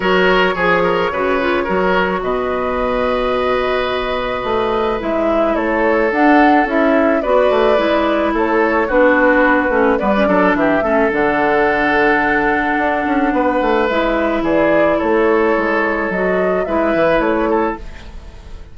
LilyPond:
<<
  \new Staff \with { instrumentName = "flute" } { \time 4/4 \tempo 4 = 108 cis''1 | dis''1~ | dis''4 e''4 cis''4 fis''4 | e''4 d''2 cis''4 |
b'2 d''4 e''4 | fis''1~ | fis''4 e''4 d''4 cis''4~ | cis''4 dis''4 e''4 cis''4 | }
  \new Staff \with { instrumentName = "oboe" } { \time 4/4 ais'4 gis'8 ais'8 b'4 ais'4 | b'1~ | b'2 a'2~ | a'4 b'2 a'4 |
fis'2 b'8 a'8 g'8 a'8~ | a'1 | b'2 gis'4 a'4~ | a'2 b'4. a'8 | }
  \new Staff \with { instrumentName = "clarinet" } { \time 4/4 fis'4 gis'4 fis'8 f'8 fis'4~ | fis'1~ | fis'4 e'2 d'4 | e'4 fis'4 e'2 |
d'4. cis'8 b16 cis'16 d'4 cis'8 | d'1~ | d'4 e'2.~ | e'4 fis'4 e'2 | }
  \new Staff \with { instrumentName = "bassoon" } { \time 4/4 fis4 f4 cis4 fis4 | b,1 | a4 gis4 a4 d'4 | cis'4 b8 a8 gis4 a4 |
b4. a8 g8 fis8 e8 a8 | d2. d'8 cis'8 | b8 a8 gis4 e4 a4 | gis4 fis4 gis8 e8 a4 | }
>>